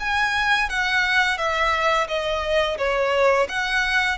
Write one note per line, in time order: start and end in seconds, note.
0.00 0.70 G#5
0.70 1.38 F#5
1.38 2.08 E5
2.08 2.78 D#5
2.78 3.48 C#5
3.49 4.19 F#5